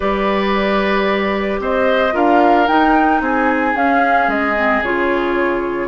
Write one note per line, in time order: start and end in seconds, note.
0.00 1.59 G3
0.00 2.12 G4
0.00 1.60 B4
0.00 1.59 D5
1.59 2.13 C4
1.59 2.14 C5
1.59 2.16 D#5
2.12 2.68 D4
2.12 2.66 F4
2.12 3.21 A#4
2.12 2.67 F5
2.67 3.74 D#4
2.67 3.21 D#4
2.67 3.21 G5
3.21 3.74 C4
3.21 5.88 G#4
3.21 3.76 G#5
3.74 4.27 C#4
3.74 4.55 C#4
3.74 4.29 F5
4.27 4.81 G#3
4.27 4.83 D#5
4.55 4.82 C4
4.81 5.88 C#3
4.81 5.88 F4
4.81 5.88 C#5